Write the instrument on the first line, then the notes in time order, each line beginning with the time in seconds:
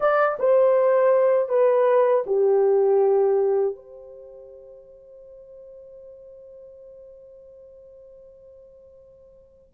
horn
0.00 D5
0.39 C5
1.49 B4
2.26 G4
3.75 C5